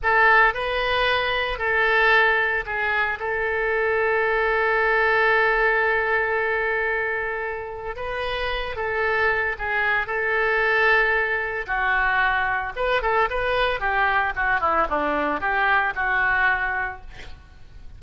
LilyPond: \new Staff \with { instrumentName = "oboe" } { \time 4/4 \tempo 4 = 113 a'4 b'2 a'4~ | a'4 gis'4 a'2~ | a'1~ | a'2. b'4~ |
b'8 a'4. gis'4 a'4~ | a'2 fis'2 | b'8 a'8 b'4 g'4 fis'8 e'8 | d'4 g'4 fis'2 | }